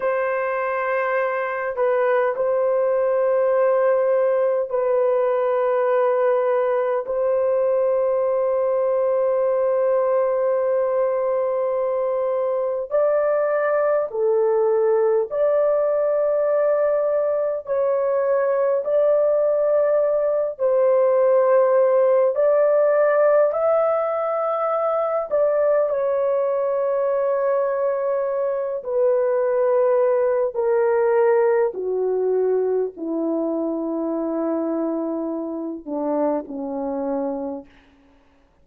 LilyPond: \new Staff \with { instrumentName = "horn" } { \time 4/4 \tempo 4 = 51 c''4. b'8 c''2 | b'2 c''2~ | c''2. d''4 | a'4 d''2 cis''4 |
d''4. c''4. d''4 | e''4. d''8 cis''2~ | cis''8 b'4. ais'4 fis'4 | e'2~ e'8 d'8 cis'4 | }